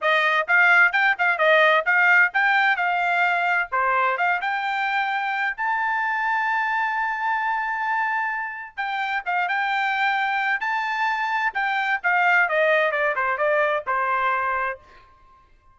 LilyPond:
\new Staff \with { instrumentName = "trumpet" } { \time 4/4 \tempo 4 = 130 dis''4 f''4 g''8 f''8 dis''4 | f''4 g''4 f''2 | c''4 f''8 g''2~ g''8 | a''1~ |
a''2. g''4 | f''8 g''2~ g''8 a''4~ | a''4 g''4 f''4 dis''4 | d''8 c''8 d''4 c''2 | }